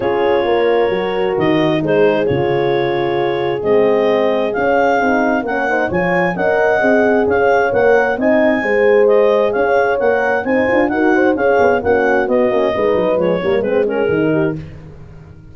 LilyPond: <<
  \new Staff \with { instrumentName = "clarinet" } { \time 4/4 \tempo 4 = 132 cis''2. dis''4 | c''4 cis''2. | dis''2 f''2 | fis''4 gis''4 fis''2 |
f''4 fis''4 gis''2 | dis''4 f''4 fis''4 gis''4 | fis''4 f''4 fis''4 dis''4~ | dis''4 cis''4 b'8 ais'4. | }
  \new Staff \with { instrumentName = "horn" } { \time 4/4 gis'4 ais'2. | gis'1~ | gis'1 | ais'8 c''8 cis''4 dis''2 |
cis''2 dis''4 c''4~ | c''4 cis''2 c''4 | ais'8 c''8 cis''4 fis'2 | b'4. ais'8 gis'4. g'8 | }
  \new Staff \with { instrumentName = "horn" } { \time 4/4 f'2 fis'2 | dis'4 f'2. | c'2 cis'4 dis'4 | cis'8 dis'8 f'4 ais'4 gis'4~ |
gis'4 ais'4 dis'4 gis'4~ | gis'2 ais'4 dis'8 f'8 | fis'4 gis'4 cis'4 b8 cis'8 | dis'4 gis8 ais8 c'8 cis'8 dis'4 | }
  \new Staff \with { instrumentName = "tuba" } { \time 4/4 cis'4 ais4 fis4 dis4 | gis4 cis2. | gis2 cis'4 c'4 | ais4 f4 cis'4 c'4 |
cis'4 ais4 c'4 gis4~ | gis4 cis'4 ais4 c'8 d'8 | dis'4 cis'8 b8 ais4 b8 ais8 | gis8 fis8 f8 g8 gis4 dis4 | }
>>